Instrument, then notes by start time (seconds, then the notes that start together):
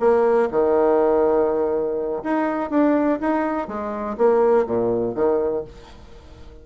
bassoon
0.00 A#3
0.51 D#3
2.24 D#4
2.70 D4
3.21 D#4
3.68 G#3
4.18 A#3
4.67 A#2
5.15 D#3